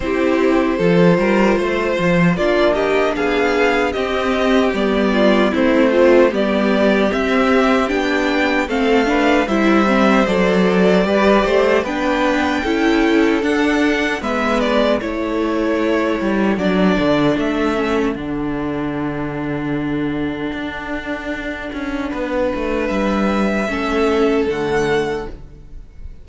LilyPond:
<<
  \new Staff \with { instrumentName = "violin" } { \time 4/4 \tempo 4 = 76 c''2. d''8 dis''8 | f''4 dis''4 d''4 c''4 | d''4 e''4 g''4 f''4 | e''4 d''2 g''4~ |
g''4 fis''4 e''8 d''8 cis''4~ | cis''4 d''4 e''4 fis''4~ | fis''1~ | fis''4 e''2 fis''4 | }
  \new Staff \with { instrumentName = "violin" } { \time 4/4 g'4 a'8 ais'8 c''4 f'8 g'8 | gis'4 g'4. f'8 e'8 c'8 | g'2. a'8 b'8 | c''2 b'8 c''8 b'4 |
a'2 b'4 a'4~ | a'1~ | a'1 | b'2 a'2 | }
  \new Staff \with { instrumentName = "viola" } { \time 4/4 e'4 f'2 d'4~ | d'4 c'4 b4 c'8 f'8 | b4 c'4 d'4 c'8 d'8 | e'8 c'8 a'4 g'4 d'4 |
e'4 d'4 b4 e'4~ | e'4 d'4. cis'8 d'4~ | d'1~ | d'2 cis'4 a4 | }
  \new Staff \with { instrumentName = "cello" } { \time 4/4 c'4 f8 g8 a8 f8 ais4 | b4 c'4 g4 a4 | g4 c'4 b4 a4 | g4 fis4 g8 a8 b4 |
cis'4 d'4 gis4 a4~ | a8 g8 fis8 d8 a4 d4~ | d2 d'4. cis'8 | b8 a8 g4 a4 d4 | }
>>